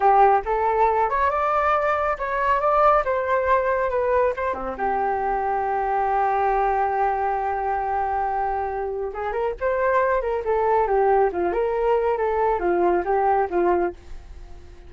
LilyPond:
\new Staff \with { instrumentName = "flute" } { \time 4/4 \tempo 4 = 138 g'4 a'4. cis''8 d''4~ | d''4 cis''4 d''4 c''4~ | c''4 b'4 c''8 c'8 g'4~ | g'1~ |
g'1~ | g'4 gis'8 ais'8 c''4. ais'8 | a'4 g'4 f'8 ais'4. | a'4 f'4 g'4 f'4 | }